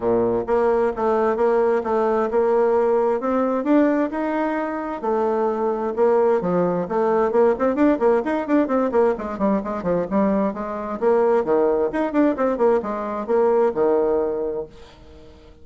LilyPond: \new Staff \with { instrumentName = "bassoon" } { \time 4/4 \tempo 4 = 131 ais,4 ais4 a4 ais4 | a4 ais2 c'4 | d'4 dis'2 a4~ | a4 ais4 f4 a4 |
ais8 c'8 d'8 ais8 dis'8 d'8 c'8 ais8 | gis8 g8 gis8 f8 g4 gis4 | ais4 dis4 dis'8 d'8 c'8 ais8 | gis4 ais4 dis2 | }